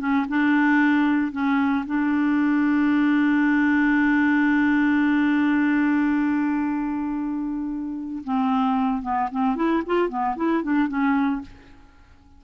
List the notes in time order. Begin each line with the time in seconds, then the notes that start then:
0.00 C#4
0.29 D4
1.33 C#4
1.87 D4
8.25 C4
9.03 B3
9.32 C4
9.56 E4
9.87 F4
10.10 B3
10.37 E4
10.63 D4
10.89 C#4